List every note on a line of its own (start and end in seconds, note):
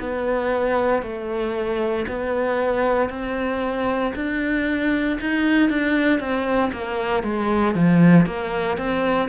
0.00 1.03 B3
1.03 2.06 A3
2.08 3.10 B3
3.10 4.13 C4
4.16 5.19 D4
5.21 5.70 D#4
5.70 6.20 D4
6.20 6.72 C4
6.73 7.24 A#3
7.24 7.75 G#3
7.75 8.27 F3
8.27 8.78 A#3
8.78 9.29 C4